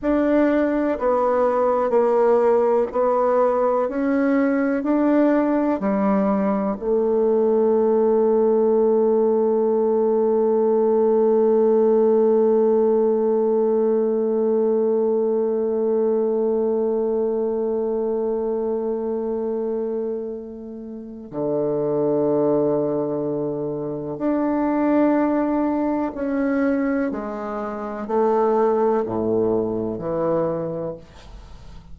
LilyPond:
\new Staff \with { instrumentName = "bassoon" } { \time 4/4 \tempo 4 = 62 d'4 b4 ais4 b4 | cis'4 d'4 g4 a4~ | a1~ | a1~ |
a1~ | a2 d2~ | d4 d'2 cis'4 | gis4 a4 a,4 e4 | }